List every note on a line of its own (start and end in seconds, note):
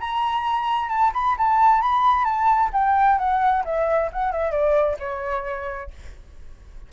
0.00 0.89 A#5
0.89 1.12 A5
1.13 1.36 B5
1.38 1.82 A5
1.82 2.25 B5
2.25 2.70 A5
2.73 3.18 G5
3.18 3.64 F#5
3.65 4.10 E5
4.12 4.32 F#5
4.32 4.51 E5
4.51 4.97 D5
4.99 5.90 C#5